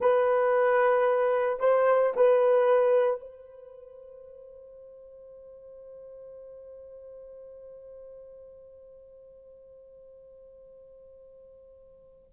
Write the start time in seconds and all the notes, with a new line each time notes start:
0.00 B4
1.59 C5
2.16 B4
3.20 C5